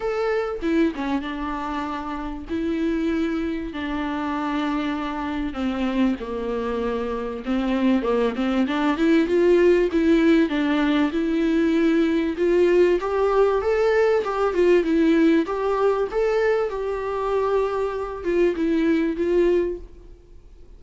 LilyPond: \new Staff \with { instrumentName = "viola" } { \time 4/4 \tempo 4 = 97 a'4 e'8 cis'8 d'2 | e'2 d'2~ | d'4 c'4 ais2 | c'4 ais8 c'8 d'8 e'8 f'4 |
e'4 d'4 e'2 | f'4 g'4 a'4 g'8 f'8 | e'4 g'4 a'4 g'4~ | g'4. f'8 e'4 f'4 | }